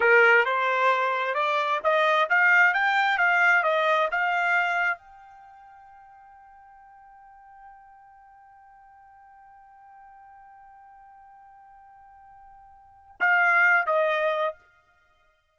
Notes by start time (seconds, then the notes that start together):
0.00 A#4
0.45 C5
1.34 D5
1.83 D#5
2.29 F5
2.74 G5
3.18 F5
3.63 D#5
4.11 F5
4.97 G5
13.19 F5
13.86 D#5